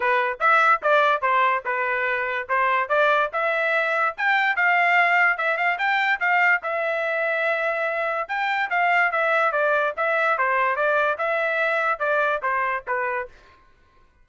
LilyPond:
\new Staff \with { instrumentName = "trumpet" } { \time 4/4 \tempo 4 = 145 b'4 e''4 d''4 c''4 | b'2 c''4 d''4 | e''2 g''4 f''4~ | f''4 e''8 f''8 g''4 f''4 |
e''1 | g''4 f''4 e''4 d''4 | e''4 c''4 d''4 e''4~ | e''4 d''4 c''4 b'4 | }